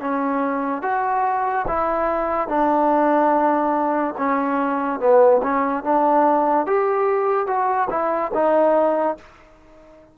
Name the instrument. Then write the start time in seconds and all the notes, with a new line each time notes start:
trombone
0.00 C#4
0.82 F#4
1.67 E4
2.48 D4
4.17 C#4
4.99 B3
5.42 C#4
5.83 D4
6.66 G4
7.47 F#4
7.89 E4
8.33 D#4